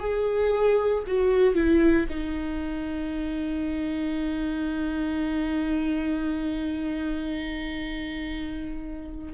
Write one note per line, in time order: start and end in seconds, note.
0.00 1.03 G#4
1.07 1.55 F#4
1.55 2.06 E4
2.09 9.33 D#4